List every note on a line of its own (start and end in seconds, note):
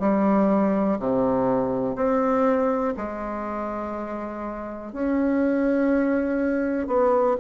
0.00 0.98 G3
0.99 1.96 C3
1.96 2.94 C4
2.97 4.93 G#3
4.93 6.88 C#4
6.88 7.37 B3